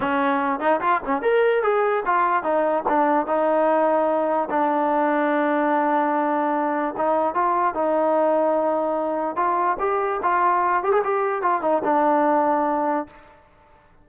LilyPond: \new Staff \with { instrumentName = "trombone" } { \time 4/4 \tempo 4 = 147 cis'4. dis'8 f'8 cis'8 ais'4 | gis'4 f'4 dis'4 d'4 | dis'2. d'4~ | d'1~ |
d'4 dis'4 f'4 dis'4~ | dis'2. f'4 | g'4 f'4. g'16 gis'16 g'4 | f'8 dis'8 d'2. | }